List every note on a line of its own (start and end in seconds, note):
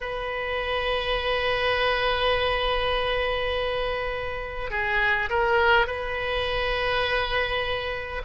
0.01 4.70 B4
4.70 5.29 G#4
5.29 5.86 A#4
5.86 8.21 B4